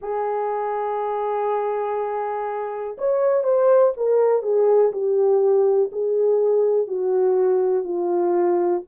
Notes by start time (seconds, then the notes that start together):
0.01 G#4
2.98 C#5
3.43 C5
3.97 A#4
4.42 G#4
4.92 G4
5.92 G#4
6.87 F#4
7.84 F4